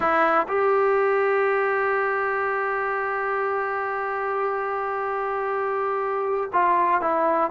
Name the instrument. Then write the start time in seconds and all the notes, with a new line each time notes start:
trombone
0.00 E4
0.48 G4
6.53 F4
7.01 E4